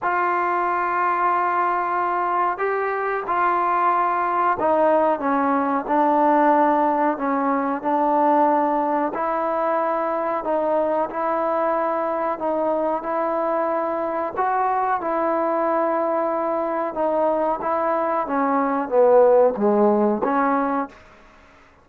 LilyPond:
\new Staff \with { instrumentName = "trombone" } { \time 4/4 \tempo 4 = 92 f'1 | g'4 f'2 dis'4 | cis'4 d'2 cis'4 | d'2 e'2 |
dis'4 e'2 dis'4 | e'2 fis'4 e'4~ | e'2 dis'4 e'4 | cis'4 b4 gis4 cis'4 | }